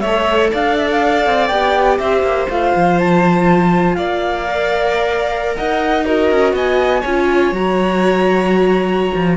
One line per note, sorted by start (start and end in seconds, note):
0.00 0.52 A3
0.00 0.50 C#5
0.00 0.49 E5
0.07 1.51 A4
0.51 1.26 D4
0.51 1.99 D5
0.51 0.77 F5
0.77 0.89 E5
0.91 1.47 F5
1.26 1.50 C4
1.47 1.99 B3
1.47 2.50 G4
1.47 1.97 G5
1.98 2.22 C4
1.98 3.96 C5
1.98 2.47 E5
2.22 2.47 A#3
2.49 2.74 A3
2.49 4.46 F4
2.49 2.99 F5
2.76 3.96 F3
2.99 3.95 A5
3.95 5.56 A#3
3.95 5.57 D5
3.95 5.55 F5
4.46 6.05 A#4
5.56 6.31 D#4
5.56 6.06 D#5
5.56 6.05 F#5
6.05 7.03 F#4
6.05 6.55 A#4
6.05 6.54 D#5
6.31 6.53 C#4
6.53 7.02 B3
6.53 7.01 D#5
6.53 7.53 G#5
7.01 7.52 C#4
7.01 7.54 F4
7.01 9.34 C#5
7.52 9.12 F#3
7.52 9.37 F#4
7.52 9.37 A#5
9.14 9.37 F3